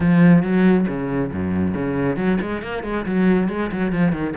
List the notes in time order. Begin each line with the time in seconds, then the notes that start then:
0.00 F3
0.42 F#3
0.87 C#3
1.32 F#2
1.74 C#3
2.16 F#3
2.41 G#3
2.61 A#3
2.83 G#3
3.05 F#3
3.49 G#3
3.71 F#3
3.92 F3
4.12 D#3